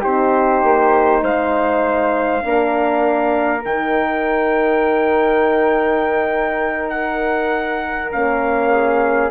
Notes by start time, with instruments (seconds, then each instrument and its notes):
0.00 bassoon C4, horn D#4, flute G4, trumpet C5
0.63 bassoon A#3
1.22 bassoon G#3, flute C5, trumpet F5
2.41 bassoon A#3, horn D4, flute A#4
3.64 bassoon D#3, horn D#4, trumpet G5
6.89 trumpet F#5
8.11 bassoon A#3, horn C#4, trumpet F5
8.71 flute G#4